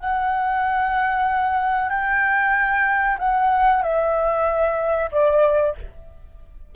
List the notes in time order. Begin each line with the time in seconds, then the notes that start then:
0.00 F#5
1.90 G5
3.19 F#5
3.83 E5
5.12 D5